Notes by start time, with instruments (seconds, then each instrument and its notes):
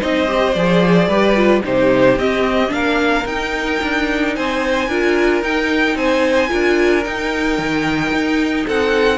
0.00 cello C4, viola D#4, violin C5 D#5
0.27 viola G4
0.53 cello F3, viola G#4, violin D5
1.08 cello G3, viola G4, violin B4
1.35 viola F4
1.64 cello C3, viola D#4, violin G4 C5
2.17 cello C4, viola C4, violin D#5
2.69 cello A#3, viola D4, violin A#4 F5
3.26 cello D#4, viola D#4, violin G5
3.83 cello D4
4.36 cello C4, violin C5 G#5
4.88 cello D4, viola F4, violin A#4
5.42 cello D#4, viola D#4, violin G5
5.95 cello C4, violin C5 G#5
6.48 cello D4, viola F4, violin A#4
7.04 viola D#4, cello D#4, violin G5
7.58 cello D#3
8.12 cello D#4
8.66 cello C4, violin A4 F#5